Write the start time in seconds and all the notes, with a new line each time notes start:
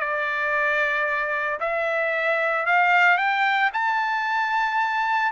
0.00 D5
1.60 E5
2.66 F5
3.17 G5
3.73 A5